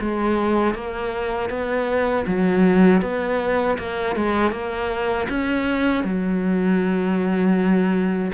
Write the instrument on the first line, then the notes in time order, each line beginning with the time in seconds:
cello
0.00 G#3
0.74 A#3
1.49 B3
2.26 F#3
3.01 B3
3.78 A#3
4.16 G#3
4.51 A#3
5.29 C#4
6.04 F#3